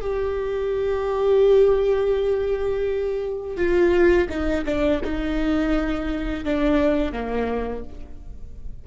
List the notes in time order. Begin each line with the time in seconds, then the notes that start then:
0.00 G4
3.56 F4
4.29 D#4
4.65 D4
5.04 D#4
6.44 D4
7.12 A#3